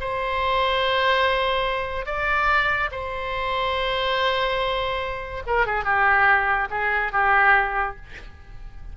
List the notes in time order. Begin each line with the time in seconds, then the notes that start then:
0.00 C5
2.06 D5
2.91 C5
5.46 A#4
5.66 G#4
5.84 G4
6.70 G#4
7.12 G4